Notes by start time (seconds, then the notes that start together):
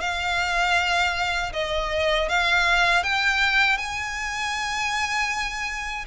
0.00 F5
1.53 D#5
2.29 F5
3.03 G5
3.77 G#5